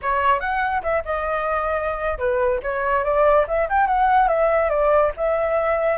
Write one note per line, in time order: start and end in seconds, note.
0.02 0.40 C#5
0.40 0.82 F#5
0.82 1.03 E5
1.04 2.18 D#5
2.18 2.60 B4
2.63 3.04 C#5
3.04 3.46 D5
3.47 3.68 E5
3.69 3.87 G5
3.87 4.28 F#5
4.28 4.69 E5
4.69 5.11 D5
5.16 5.98 E5